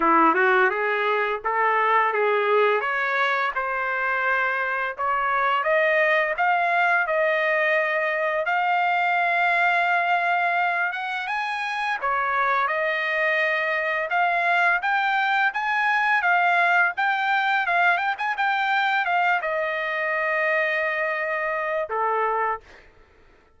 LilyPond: \new Staff \with { instrumentName = "trumpet" } { \time 4/4 \tempo 4 = 85 e'8 fis'8 gis'4 a'4 gis'4 | cis''4 c''2 cis''4 | dis''4 f''4 dis''2 | f''2.~ f''8 fis''8 |
gis''4 cis''4 dis''2 | f''4 g''4 gis''4 f''4 | g''4 f''8 g''16 gis''16 g''4 f''8 dis''8~ | dis''2. a'4 | }